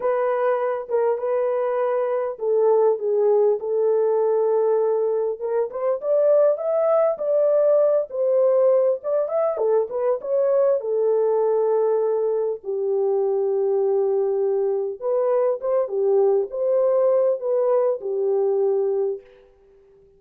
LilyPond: \new Staff \with { instrumentName = "horn" } { \time 4/4 \tempo 4 = 100 b'4. ais'8 b'2 | a'4 gis'4 a'2~ | a'4 ais'8 c''8 d''4 e''4 | d''4. c''4. d''8 e''8 |
a'8 b'8 cis''4 a'2~ | a'4 g'2.~ | g'4 b'4 c''8 g'4 c''8~ | c''4 b'4 g'2 | }